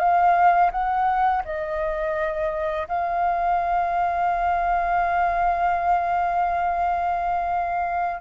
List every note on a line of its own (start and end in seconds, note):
0.00 0.71 F5
0.72 1.44 F#5
1.45 2.88 D#5
2.89 8.22 F5